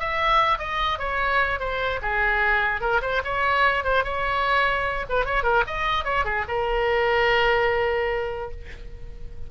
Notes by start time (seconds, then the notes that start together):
0.00 E5
0.59 D#5
0.99 C#5
1.60 C5
2.03 G#4
2.81 A#4
3.02 C5
3.25 C#5
3.85 C5
4.05 C#5
5.10 B4
5.26 C#5
5.44 A#4
5.67 D#5
6.05 C#5
6.25 G#4
6.48 A#4